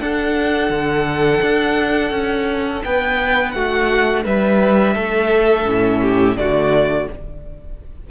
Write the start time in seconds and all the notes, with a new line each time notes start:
0.00 D4 A4 F#5
0.70 D3
1.42 D4
2.11 C#4
2.84 B3 B4 G5
3.51 A3 F#4 F#5
4.24 G3 B4 E5
4.94 A3 A4
5.66 A2 C#4
6.02 G4
6.37 D3 A3 F#4 D5